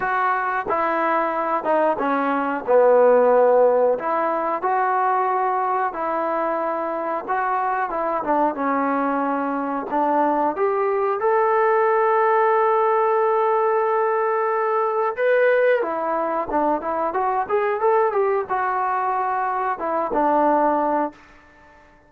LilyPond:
\new Staff \with { instrumentName = "trombone" } { \time 4/4 \tempo 4 = 91 fis'4 e'4. dis'8 cis'4 | b2 e'4 fis'4~ | fis'4 e'2 fis'4 | e'8 d'8 cis'2 d'4 |
g'4 a'2.~ | a'2. b'4 | e'4 d'8 e'8 fis'8 gis'8 a'8 g'8 | fis'2 e'8 d'4. | }